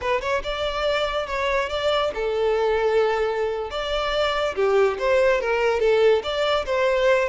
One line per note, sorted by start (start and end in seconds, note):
0.01 0.21 B4
0.21 0.42 C#5
0.43 1.27 D5
1.27 1.69 C#5
1.69 2.11 D5
2.14 3.70 A4
3.70 4.54 D5
4.55 4.97 G4
4.98 5.40 C5
5.40 5.80 A#4
5.80 6.22 A4
6.23 6.65 D5
6.65 7.28 C5